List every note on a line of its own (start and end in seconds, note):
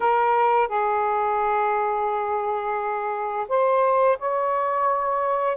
0.00 0.68 A#4
0.68 3.47 G#4
3.48 4.18 C5
4.19 5.57 C#5